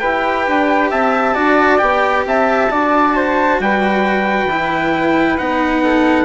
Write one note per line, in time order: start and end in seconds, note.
0.00 0.48 E4
0.00 1.35 G4
0.00 0.91 B4
0.00 0.90 G5
0.48 0.92 D4
0.91 1.37 C4
0.91 1.35 E5
0.91 1.79 A5
1.35 1.82 D4
1.35 1.79 F#4
1.35 2.24 D5
1.79 2.26 B3
1.79 2.69 G4
1.79 2.24 G5
2.26 2.71 C4
2.26 2.71 E5
2.26 3.62 A5
2.70 3.60 D4
2.70 4.49 F#4
2.70 3.16 D5
3.16 3.61 C5
3.60 4.46 G3
3.60 5.85 B4
3.60 5.38 G5
4.46 5.35 E3
4.46 5.38 E4
5.38 6.25 B3
5.38 6.25 D#4
5.38 6.25 F#5
5.85 6.25 A4